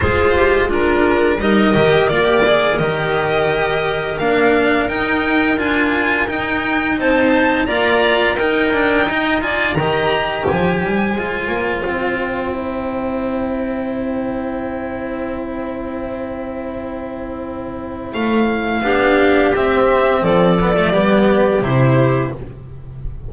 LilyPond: <<
  \new Staff \with { instrumentName = "violin" } { \time 4/4 \tempo 4 = 86 c''4 ais'4 dis''4 d''4 | dis''2 f''4 g''4 | gis''4 g''4 a''4 ais''4 | g''4. gis''8 ais''4 gis''4~ |
gis''4 g''2.~ | g''1~ | g''2 f''2 | e''4 d''2 c''4 | }
  \new Staff \with { instrumentName = "clarinet" } { \time 4/4 gis'8 g'8 f'4 ais'2~ | ais'1~ | ais'2 c''4 d''4 | ais'4 dis''8 d''8 dis''4 c''4~ |
c''1~ | c''1~ | c''2. g'4~ | g'4 a'4 g'2 | }
  \new Staff \with { instrumentName = "cello" } { \time 4/4 f'4 d'4 dis'8 g'8 f'16 g'16 gis'8 | g'2 d'4 dis'4 | f'4 dis'2 f'4 | dis'8 d'8 dis'8 f'8 g'2 |
f'2 e'2~ | e'1~ | e'2. d'4 | c'4. b16 a16 b4 e'4 | }
  \new Staff \with { instrumentName = "double bass" } { \time 4/4 gis2 g8 dis8 ais4 | dis2 ais4 dis'4 | d'4 dis'4 c'4 ais4 | dis'2 dis4 f8 g8 |
gis8 ais8 c'2.~ | c'1~ | c'2 a4 b4 | c'4 f4 g4 c4 | }
>>